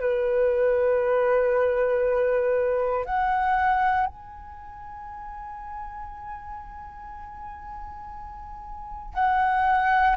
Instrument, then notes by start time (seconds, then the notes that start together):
flute
0.00 B4
3.05 F#5
4.06 G#5
9.14 F#5